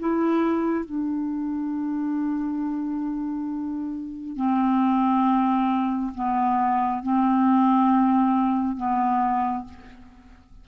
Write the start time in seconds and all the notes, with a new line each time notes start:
0.00 E4
0.85 D4
4.36 C4
6.15 B3
7.03 C4
8.77 B3